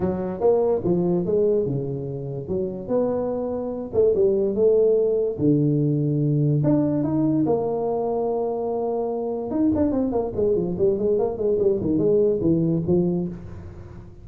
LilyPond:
\new Staff \with { instrumentName = "tuba" } { \time 4/4 \tempo 4 = 145 fis4 ais4 f4 gis4 | cis2 fis4 b4~ | b4. a8 g4 a4~ | a4 d2. |
d'4 dis'4 ais2~ | ais2. dis'8 d'8 | c'8 ais8 gis8 f8 g8 gis8 ais8 gis8 | g8 dis8 gis4 e4 f4 | }